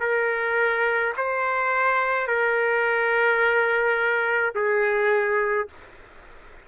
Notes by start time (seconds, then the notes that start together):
0.00 A#4
1.17 C5
2.27 A#4
4.55 G#4